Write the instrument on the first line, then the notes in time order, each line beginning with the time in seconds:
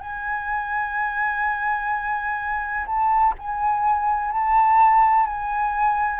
flute
0.00 G#5
2.87 A5
3.39 G#5
4.32 A5
5.26 G#5